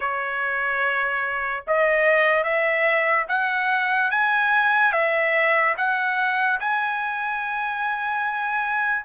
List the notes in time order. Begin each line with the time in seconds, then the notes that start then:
0.00 C#5
1.67 D#5
2.43 E5
3.28 F#5
4.10 G#5
4.92 E5
5.77 F#5
6.59 G#5